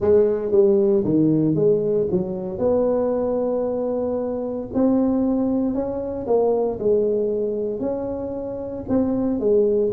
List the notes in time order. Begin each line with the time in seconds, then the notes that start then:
0.00 G#3
0.51 G3
1.04 D#3
1.55 G#3
2.11 F#3
2.58 B3
4.73 C4
5.74 C#4
6.26 A#3
6.79 G#3
7.80 C#4
8.88 C4
9.39 G#3